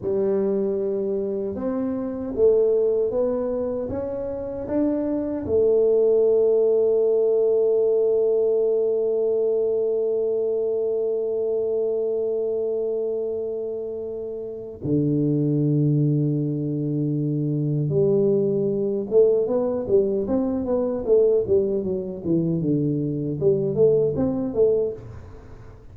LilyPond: \new Staff \with { instrumentName = "tuba" } { \time 4/4 \tempo 4 = 77 g2 c'4 a4 | b4 cis'4 d'4 a4~ | a1~ | a1~ |
a2. d4~ | d2. g4~ | g8 a8 b8 g8 c'8 b8 a8 g8 | fis8 e8 d4 g8 a8 c'8 a8 | }